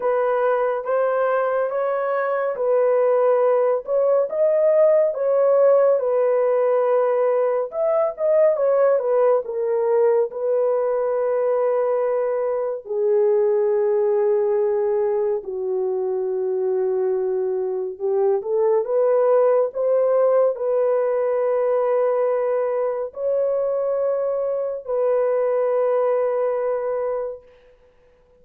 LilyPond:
\new Staff \with { instrumentName = "horn" } { \time 4/4 \tempo 4 = 70 b'4 c''4 cis''4 b'4~ | b'8 cis''8 dis''4 cis''4 b'4~ | b'4 e''8 dis''8 cis''8 b'8 ais'4 | b'2. gis'4~ |
gis'2 fis'2~ | fis'4 g'8 a'8 b'4 c''4 | b'2. cis''4~ | cis''4 b'2. | }